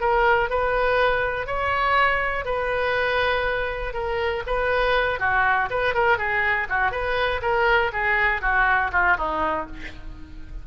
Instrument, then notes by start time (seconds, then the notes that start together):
oboe
0.00 A#4
0.50 B4
1.46 C#5
2.45 B4
3.93 A#4
4.46 B4
5.19 F#4
5.70 B4
5.94 A#4
6.18 G#4
6.69 F#4
6.91 B4
7.42 A#4
7.92 G#4
8.41 F#4
8.92 F4
9.17 D#4